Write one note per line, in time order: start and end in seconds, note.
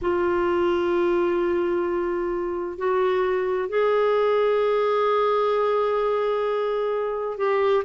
0.01 2.78 F4
2.78 3.68 F#4
3.68 7.37 G#4
7.37 7.83 G4